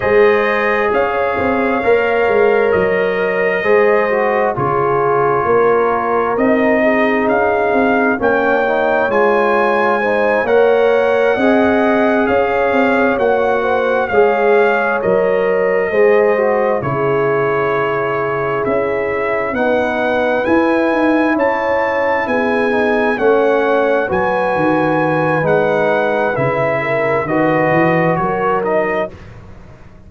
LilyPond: <<
  \new Staff \with { instrumentName = "trumpet" } { \time 4/4 \tempo 4 = 66 dis''4 f''2 dis''4~ | dis''4 cis''2 dis''4 | f''4 g''4 gis''4. fis''8~ | fis''4. f''4 fis''4 f''8~ |
f''8 dis''2 cis''4.~ | cis''8 e''4 fis''4 gis''4 a''8~ | a''8 gis''4 fis''4 gis''4. | fis''4 e''4 dis''4 cis''8 dis''8 | }
  \new Staff \with { instrumentName = "horn" } { \time 4/4 c''4 cis''2. | c''4 gis'4 ais'4. gis'8~ | gis'4 cis''2 c''8 cis''8~ | cis''8 dis''4 cis''4. c''8 cis''8~ |
cis''4. c''4 gis'4.~ | gis'4. b'2 cis''8~ | cis''8 gis'4 cis''4 b'4.~ | b'4. ais'8 b'4 ais'4 | }
  \new Staff \with { instrumentName = "trombone" } { \time 4/4 gis'2 ais'2 | gis'8 fis'8 f'2 dis'4~ | dis'4 cis'8 dis'8 f'4 dis'8 ais'8~ | ais'8 gis'2 fis'4 gis'8~ |
gis'8 ais'4 gis'8 fis'8 e'4.~ | e'4. dis'4 e'4.~ | e'4 dis'8 cis'4 fis'4. | dis'4 e'4 fis'4. dis'8 | }
  \new Staff \with { instrumentName = "tuba" } { \time 4/4 gis4 cis'8 c'8 ais8 gis8 fis4 | gis4 cis4 ais4 c'4 | cis'8 c'8 ais4 gis4. ais8~ | ais8 c'4 cis'8 c'8 ais4 gis8~ |
gis8 fis4 gis4 cis4.~ | cis8 cis'4 b4 e'8 dis'8 cis'8~ | cis'8 b4 a4 fis8 dis4 | gis4 cis4 dis8 e8 fis4 | }
>>